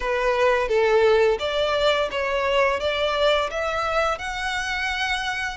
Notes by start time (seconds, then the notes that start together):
0.00 B4
0.68 A4
1.39 D5
2.11 C#5
2.80 D5
3.50 E5
4.18 F#5